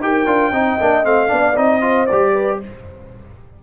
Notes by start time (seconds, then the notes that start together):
0.00 D#4 G4 A#4 G5
0.27 D4 F4
0.51 C4 D#4 D#5
0.80 A#3 D4
1.04 A3 C4 F5
1.28 B3 D4 D5
1.56 C4 D#4 D#5
1.81 F4 C5
2.07 G3 G4 D5
2.33 B4